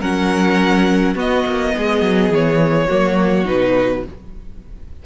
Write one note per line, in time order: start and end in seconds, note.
0.00 1.16 F#3
0.00 1.15 C#4
0.00 1.15 A#4
0.00 1.17 F#5
1.15 2.88 B3
1.15 1.44 B3
1.15 1.72 F#4
1.15 2.34 D#5
1.46 1.75 A#3
1.77 2.01 G#3
1.77 2.87 G#4
2.01 2.30 F#3
2.30 2.87 E3
2.30 3.47 C#5
2.87 3.48 F#3
2.87 3.45 A#3
2.87 4.03 F#4
3.45 4.05 B2
3.45 4.03 D#4
3.45 4.05 B4